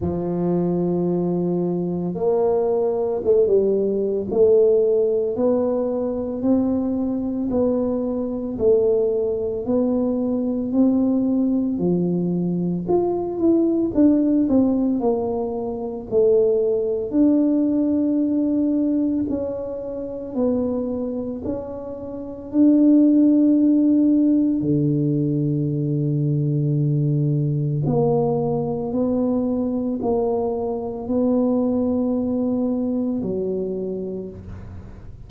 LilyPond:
\new Staff \with { instrumentName = "tuba" } { \time 4/4 \tempo 4 = 56 f2 ais4 a16 g8. | a4 b4 c'4 b4 | a4 b4 c'4 f4 | f'8 e'8 d'8 c'8 ais4 a4 |
d'2 cis'4 b4 | cis'4 d'2 d4~ | d2 ais4 b4 | ais4 b2 fis4 | }